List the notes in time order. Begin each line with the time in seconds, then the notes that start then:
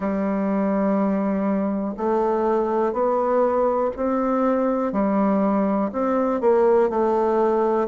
0.00 G3
1.97 A3
2.92 B3
3.96 C4
4.92 G3
5.92 C4
6.41 A#3
6.89 A3